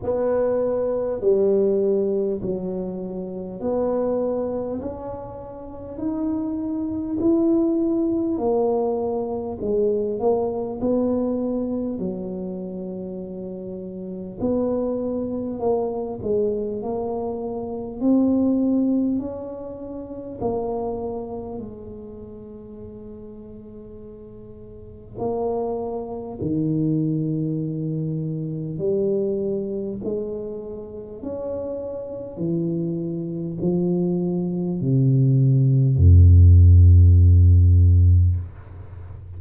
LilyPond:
\new Staff \with { instrumentName = "tuba" } { \time 4/4 \tempo 4 = 50 b4 g4 fis4 b4 | cis'4 dis'4 e'4 ais4 | gis8 ais8 b4 fis2 | b4 ais8 gis8 ais4 c'4 |
cis'4 ais4 gis2~ | gis4 ais4 dis2 | g4 gis4 cis'4 e4 | f4 c4 f,2 | }